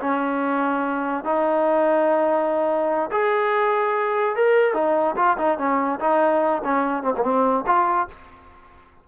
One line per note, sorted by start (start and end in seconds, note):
0.00 1.24 C#4
1.24 3.10 D#4
3.11 4.36 G#4
4.36 4.74 A#4
4.74 5.15 D#4
5.16 5.37 F4
5.38 5.58 D#4
5.58 5.99 C#4
6.00 6.62 D#4
6.64 7.03 C#4
7.03 7.13 C4
7.17 7.23 A#3
7.23 7.64 C4
7.66 8.08 F4